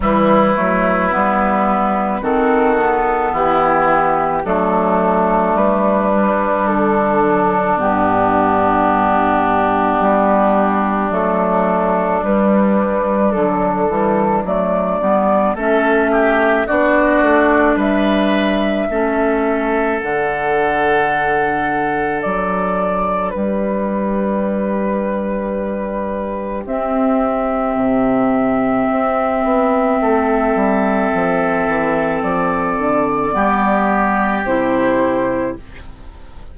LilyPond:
<<
  \new Staff \with { instrumentName = "flute" } { \time 4/4 \tempo 4 = 54 b'2 a'4 g'4 | a'4 b'4 a'4 g'4~ | g'2 a'4 b'4 | a'4 d''4 e''4 d''4 |
e''2 fis''2 | d''4 b'2. | e''1~ | e''4 d''2 c''4 | }
  \new Staff \with { instrumentName = "oboe" } { \time 4/4 e'2 fis'4 e'4 | d'1~ | d'1~ | d'2 a'8 g'8 fis'4 |
b'4 a'2.~ | a'4 g'2.~ | g'2. a'4~ | a'2 g'2 | }
  \new Staff \with { instrumentName = "clarinet" } { \time 4/4 g8 a8 b4 c'8 b4. | a4. g4 fis8 b4~ | b2 a4 g4 | fis8 g8 a8 b8 cis'4 d'4~ |
d'4 cis'4 d'2~ | d'1 | c'1~ | c'2 b4 e'4 | }
  \new Staff \with { instrumentName = "bassoon" } { \time 4/4 e8 fis8 g4 dis4 e4 | fis4 g4 d4 g,4~ | g,4 g4 fis4 g4 | d8 e8 fis8 g8 a4 b8 a8 |
g4 a4 d2 | fis4 g2. | c'4 c4 c'8 b8 a8 g8 | f8 e8 f8 d8 g4 c4 | }
>>